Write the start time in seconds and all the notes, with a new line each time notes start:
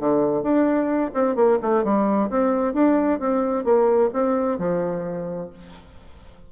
0.00 D3
0.43 D4
1.14 C4
1.36 A#3
1.62 A3
1.84 G3
2.30 C4
2.74 D4
3.20 C4
3.65 A#3
4.13 C4
4.59 F3